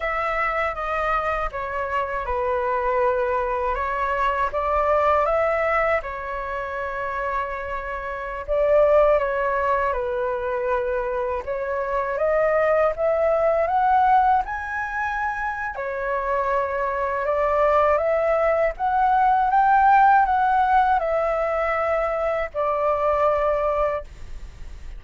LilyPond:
\new Staff \with { instrumentName = "flute" } { \time 4/4 \tempo 4 = 80 e''4 dis''4 cis''4 b'4~ | b'4 cis''4 d''4 e''4 | cis''2.~ cis''16 d''8.~ | d''16 cis''4 b'2 cis''8.~ |
cis''16 dis''4 e''4 fis''4 gis''8.~ | gis''4 cis''2 d''4 | e''4 fis''4 g''4 fis''4 | e''2 d''2 | }